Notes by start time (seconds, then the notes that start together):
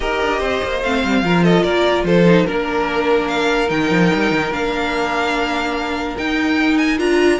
0.00 D#4 G4 A#4 D#5
0.21 D4
0.39 C4 C5
0.63 A#3
0.82 A3 C4 F5
1.04 G3
1.22 F3 F4 A#4
1.43 A4 D#5
1.62 A#3 A#4 D5
2.03 F3 A4 C5
2.25 D#4
2.46 A#3 D4 A#4
3.28 F5
3.68 D#3 D#4 G5
3.90 F3
4.14 G3
4.31 D#3
4.51 A#3 D4 F5
6.17 D#4 G5
6.77 G#5
6.98 D4 F4 A#5